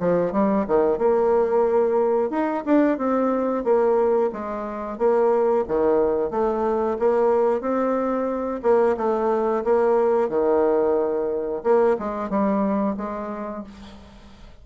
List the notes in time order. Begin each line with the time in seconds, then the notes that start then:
0.00 F3
0.32 G3
0.67 D#3
0.98 A#3
2.30 D#4
2.65 D4
2.98 C4
3.64 A#3
4.33 G#3
4.98 A#3
5.68 D#3
6.31 A3
6.99 A#3
7.61 C4
8.63 A#3
8.97 A3
9.65 A#3
10.29 D#3
11.63 A#3
11.99 G#3
12.30 G3
12.97 G#3